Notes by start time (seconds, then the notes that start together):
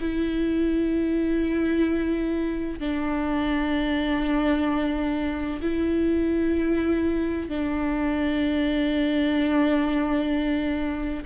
0.00 E4
2.79 D4
5.61 E4
7.48 D4